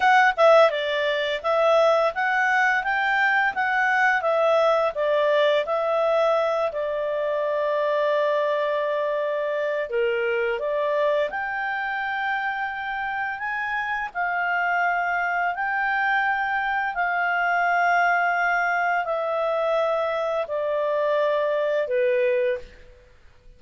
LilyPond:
\new Staff \with { instrumentName = "clarinet" } { \time 4/4 \tempo 4 = 85 fis''8 e''8 d''4 e''4 fis''4 | g''4 fis''4 e''4 d''4 | e''4. d''2~ d''8~ | d''2 ais'4 d''4 |
g''2. gis''4 | f''2 g''2 | f''2. e''4~ | e''4 d''2 b'4 | }